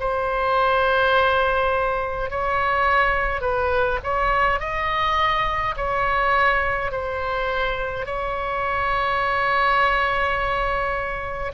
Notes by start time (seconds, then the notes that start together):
0.00 C5
2.30 C#5
3.41 B4
4.03 C#5
4.59 D#5
5.77 C#5
6.91 C5
8.06 C#5